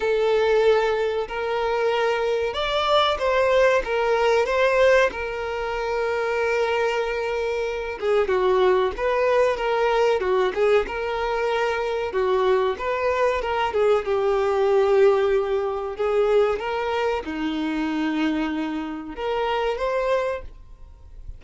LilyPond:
\new Staff \with { instrumentName = "violin" } { \time 4/4 \tempo 4 = 94 a'2 ais'2 | d''4 c''4 ais'4 c''4 | ais'1~ | ais'8 gis'8 fis'4 b'4 ais'4 |
fis'8 gis'8 ais'2 fis'4 | b'4 ais'8 gis'8 g'2~ | g'4 gis'4 ais'4 dis'4~ | dis'2 ais'4 c''4 | }